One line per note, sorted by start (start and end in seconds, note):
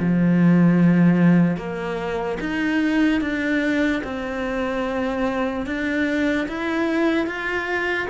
0.00 1.57 F3
1.57 2.38 A#3
2.40 3.21 D#4
3.21 4.02 D4
4.04 5.66 C4
5.66 6.48 D4
6.49 7.26 E4
7.26 8.07 F4